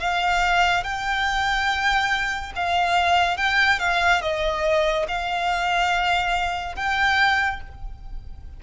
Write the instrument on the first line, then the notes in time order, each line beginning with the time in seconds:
violin
0.00 F5
0.84 G5
2.56 F5
3.37 G5
3.80 F5
4.22 D#5
5.08 F5
6.76 G5